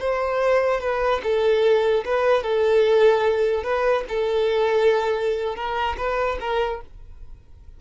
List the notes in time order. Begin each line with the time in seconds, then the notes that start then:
0.00 C5
0.81 B4
1.23 A4
2.05 B4
2.43 A4
3.64 B4
4.09 A4
5.56 A#4
5.98 B4
6.40 A#4